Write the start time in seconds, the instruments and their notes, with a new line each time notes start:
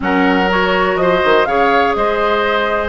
0.00 bassoon F#3, clarinet C#4, oboe A#4, flute F#5
0.49 clarinet F#4, flute C#5
0.95 bassoon F3, flute D#5
1.01 oboe C5
1.24 bassoon D#3
1.45 bassoon C#3, clarinet G#4, oboe C#5, flute F5
1.95 bassoon G#3, oboe C5, flute D#5